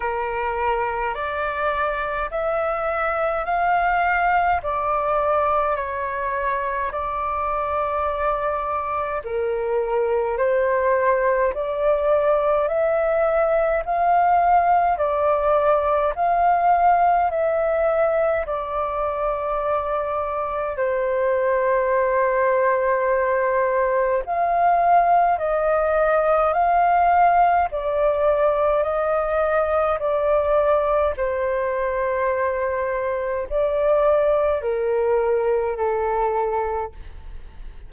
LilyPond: \new Staff \with { instrumentName = "flute" } { \time 4/4 \tempo 4 = 52 ais'4 d''4 e''4 f''4 | d''4 cis''4 d''2 | ais'4 c''4 d''4 e''4 | f''4 d''4 f''4 e''4 |
d''2 c''2~ | c''4 f''4 dis''4 f''4 | d''4 dis''4 d''4 c''4~ | c''4 d''4 ais'4 a'4 | }